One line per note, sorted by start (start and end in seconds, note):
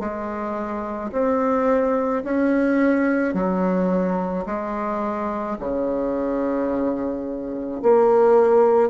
0.00 1.11 G#3
1.13 2.24 C4
2.24 3.34 C#4
3.34 4.45 F#3
4.46 5.58 G#3
5.60 7.82 C#3
7.83 8.90 A#3